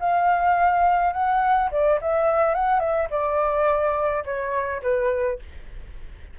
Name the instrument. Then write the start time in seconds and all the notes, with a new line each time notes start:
flute
0.00 F5
1.13 F#5
1.71 D5
2.01 E5
2.55 F#5
2.80 E5
3.11 D5
4.25 C#5
4.82 B4